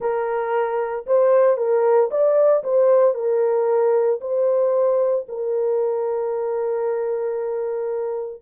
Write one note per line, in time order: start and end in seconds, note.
0.00 1.06 A#4
1.06 1.57 C5
1.57 2.09 A#4
2.10 2.63 D5
2.63 3.14 C5
3.14 4.19 A#4
4.21 5.26 C5
5.28 8.42 A#4